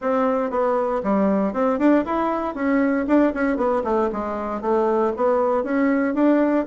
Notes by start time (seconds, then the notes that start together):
0.01 C4
0.50 B3
1.03 G3
1.53 C4
1.79 D4
2.05 E4
2.54 C#4
3.07 D4
3.34 C#4
3.56 B3
3.84 A3
4.12 G#3
4.61 A3
5.16 B3
5.63 C#4
6.14 D4